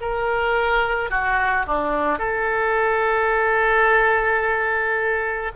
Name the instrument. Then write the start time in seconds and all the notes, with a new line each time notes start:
oboe
0.00 A#4
1.10 F#4
1.66 D4
2.18 A4